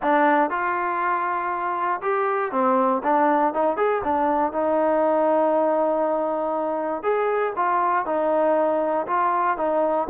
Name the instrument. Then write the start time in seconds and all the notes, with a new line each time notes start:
trombone
0.02 D4
0.50 F4
2.01 G4
2.51 C4
3.03 D4
3.53 D#4
3.77 G#4
4.03 D4
4.52 D#4
7.02 G#4
7.56 F4
8.05 D#4
9.06 F4
9.57 D#4